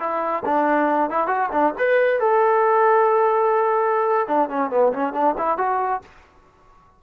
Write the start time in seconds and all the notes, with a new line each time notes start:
0.00 E4
0.45 D4
1.10 E4
1.28 F#4
1.52 D4
1.79 B4
2.21 A4
4.28 D4
4.50 C#4
4.71 B3
4.93 C#4
5.13 D4
5.38 E4
5.58 F#4